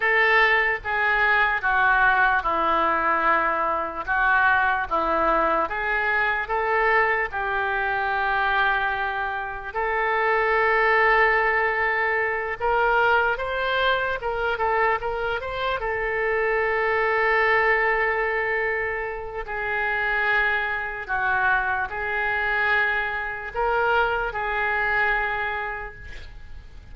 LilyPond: \new Staff \with { instrumentName = "oboe" } { \time 4/4 \tempo 4 = 74 a'4 gis'4 fis'4 e'4~ | e'4 fis'4 e'4 gis'4 | a'4 g'2. | a'2.~ a'8 ais'8~ |
ais'8 c''4 ais'8 a'8 ais'8 c''8 a'8~ | a'1 | gis'2 fis'4 gis'4~ | gis'4 ais'4 gis'2 | }